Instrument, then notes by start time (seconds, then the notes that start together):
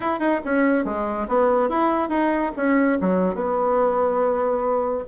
bassoon
0.00 E4
0.19 D#4
0.44 C#4
0.85 G#3
1.28 B3
1.69 E4
2.09 D#4
2.56 C#4
3.00 F#3
3.35 B3